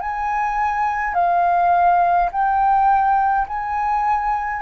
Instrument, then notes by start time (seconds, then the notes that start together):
flute
0.00 G#5
1.14 F5
2.31 G5
3.47 G#5